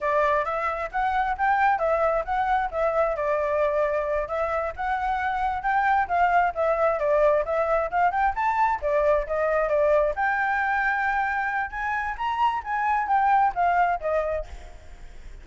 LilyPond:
\new Staff \with { instrumentName = "flute" } { \time 4/4 \tempo 4 = 133 d''4 e''4 fis''4 g''4 | e''4 fis''4 e''4 d''4~ | d''4. e''4 fis''4.~ | fis''8 g''4 f''4 e''4 d''8~ |
d''8 e''4 f''8 g''8 a''4 d''8~ | d''8 dis''4 d''4 g''4.~ | g''2 gis''4 ais''4 | gis''4 g''4 f''4 dis''4 | }